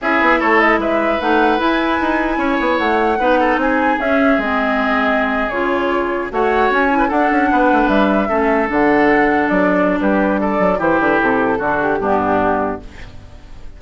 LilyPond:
<<
  \new Staff \with { instrumentName = "flute" } { \time 4/4 \tempo 4 = 150 e''4 cis''8 dis''8 e''4 fis''4 | gis''2. fis''4~ | fis''4 gis''4 e''4 dis''4~ | dis''4.~ dis''16 cis''2 fis''16~ |
fis''8. gis''4 fis''2 e''16~ | e''4.~ e''16 fis''2 d''16~ | d''4 b'4 d''4 c''8 b'8 | a'4. g'2~ g'8 | }
  \new Staff \with { instrumentName = "oboe" } { \time 4/4 gis'4 a'4 b'2~ | b'2 cis''2 | b'8 a'8 gis'2.~ | gis'2.~ gis'8. cis''16~ |
cis''4. b'16 a'4 b'4~ b'16~ | b'8. a'2.~ a'16~ | a'4 g'4 a'4 g'4~ | g'4 fis'4 d'2 | }
  \new Staff \with { instrumentName = "clarinet" } { \time 4/4 e'2. dis'4 | e'1 | dis'2 cis'4 c'4~ | c'4.~ c'16 f'2 fis'16~ |
fis'4~ fis'16 e'8 d'2~ d'16~ | d'8. cis'4 d'2~ d'16~ | d'2. e'4~ | e'4 d'4 b2 | }
  \new Staff \with { instrumentName = "bassoon" } { \time 4/4 cis'8 b8 a4 gis4 a4 | e'4 dis'4 cis'8 b8 a4 | b4 c'4 cis'4 gis4~ | gis4.~ gis16 cis2 a16~ |
a8. cis'4 d'8 cis'8 b8 a16 b16 g16~ | g8. a4 d2 fis16~ | fis4 g4. fis8 e8 d8 | c4 d4 g,2 | }
>>